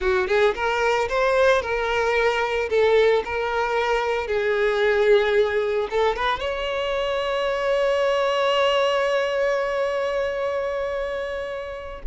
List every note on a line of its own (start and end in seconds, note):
0.00 0.27 F#4
0.27 0.54 G#4
0.55 1.08 A#4
1.08 1.62 C5
1.62 2.69 A#4
2.69 3.23 A4
3.24 4.27 A#4
4.27 5.88 G#4
5.90 6.16 A4
6.16 6.39 B4
6.39 12.01 C#5